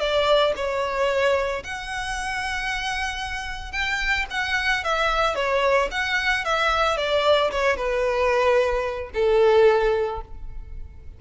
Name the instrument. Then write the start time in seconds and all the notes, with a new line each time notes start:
violin
0.00 D5
0.56 C#5
1.64 F#5
3.72 G5
4.31 F#5
4.84 E5
5.35 C#5
5.91 F#5
6.45 E5
6.97 D5
7.51 C#5
7.77 B4
9.14 A4